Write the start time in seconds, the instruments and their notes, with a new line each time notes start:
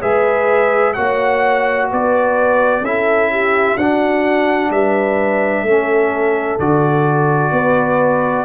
0.00 tuba G#3, trombone G#4, horn B4, trumpet E5
0.93 tuba A#3, trombone F#4, horn C#5, trumpet F#5
1.89 tuba B3, horn B4, trumpet D5
2.80 tuba C#4, trombone E4, horn A4, trumpet E5
3.30 horn G4
3.76 tuba D4, trombone D4, horn F#4, trumpet F#5
4.70 tuba G3, horn B4, trumpet E5
5.62 tuba A3, trombone C#4, horn A4
6.59 tuba D3, trombone F#4, trumpet D5
7.51 tuba B3, horn B4